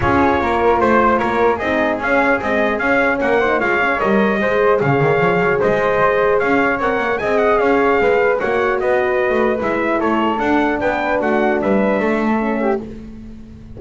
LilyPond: <<
  \new Staff \with { instrumentName = "trumpet" } { \time 4/4 \tempo 4 = 150 cis''2 c''4 cis''4 | dis''4 f''4 dis''4 f''4 | fis''4 f''4 dis''2 | f''2 dis''2 |
f''4 fis''4 gis''8 fis''8 f''4~ | f''4 fis''4 dis''2 | e''4 cis''4 fis''4 g''4 | fis''4 e''2. | }
  \new Staff \with { instrumentName = "flute" } { \time 4/4 gis'4 ais'4 c''4 ais'4 | gis'1 | ais'8 c''8 cis''2 c''4 | cis''2 c''2 |
cis''2 dis''4 cis''4 | b'4 cis''4 b'2~ | b'4 a'2 b'4 | fis'4 b'4 a'4. g'8 | }
  \new Staff \with { instrumentName = "horn" } { \time 4/4 f'1 | dis'4 cis'4 gis4 cis'4~ | cis'8 dis'8 f'8 cis'8 ais'4 gis'4~ | gis'1~ |
gis'4 ais'4 gis'2~ | gis'4 fis'2. | e'2 d'2~ | d'2. cis'4 | }
  \new Staff \with { instrumentName = "double bass" } { \time 4/4 cis'4 ais4 a4 ais4 | c'4 cis'4 c'4 cis'4 | ais4 gis4 g4 gis4 | cis8 dis8 f8 fis8 gis2 |
cis'4 c'8 ais8 c'4 cis'4 | gis4 ais4 b4~ b16 a8. | gis4 a4 d'4 b4 | a4 g4 a2 | }
>>